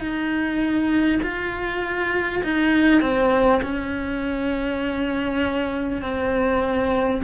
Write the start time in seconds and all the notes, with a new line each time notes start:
0.00 D#4
1.23 F4
2.44 D#4
3.02 C4
3.63 C#4
6.02 C4